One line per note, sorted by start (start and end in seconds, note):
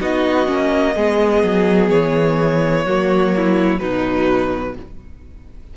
0.00 0.48 B3
0.00 0.46 D#4
0.00 0.95 F#4
0.00 1.90 D#5
0.46 0.96 A#3
0.46 0.93 C#4
0.95 1.43 G#3
0.95 2.87 B3
0.95 2.85 G#4
1.43 1.90 F#3
1.90 2.85 E3
1.90 3.79 C#5
2.85 3.80 F#3
2.85 3.78 A#3
2.85 3.32 F#4
3.36 3.81 E4
3.78 4.76 B2
3.78 4.73 F#3
3.78 4.76 D#4
3.78 4.74 B4